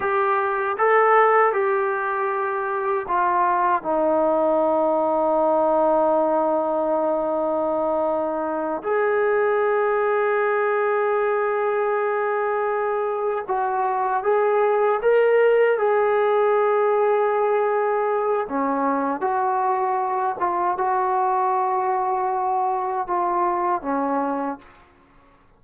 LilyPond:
\new Staff \with { instrumentName = "trombone" } { \time 4/4 \tempo 4 = 78 g'4 a'4 g'2 | f'4 dis'2.~ | dis'2.~ dis'8 gis'8~ | gis'1~ |
gis'4. fis'4 gis'4 ais'8~ | ais'8 gis'2.~ gis'8 | cis'4 fis'4. f'8 fis'4~ | fis'2 f'4 cis'4 | }